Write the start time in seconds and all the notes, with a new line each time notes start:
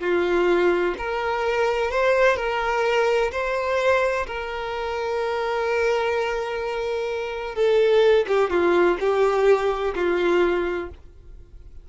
0.00 F4
0.98 A#4
1.91 C5
2.36 A#4
3.32 C5
4.27 A#4
7.55 A4
8.27 G4
8.50 F4
9.00 G4
9.95 F4